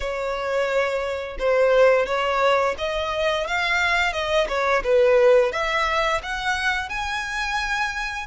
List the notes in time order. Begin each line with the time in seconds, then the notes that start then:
0.00 C#5
1.38 C5
2.06 C#5
2.78 D#5
3.47 F5
4.12 D#5
4.48 C#5
4.83 B4
5.52 E5
6.22 F#5
6.89 G#5